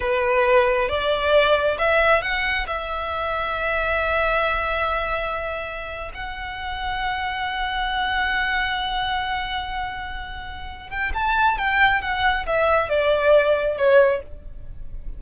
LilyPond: \new Staff \with { instrumentName = "violin" } { \time 4/4 \tempo 4 = 135 b'2 d''2 | e''4 fis''4 e''2~ | e''1~ | e''4.~ e''16 fis''2~ fis''16~ |
fis''1~ | fis''1~ | fis''8 g''8 a''4 g''4 fis''4 | e''4 d''2 cis''4 | }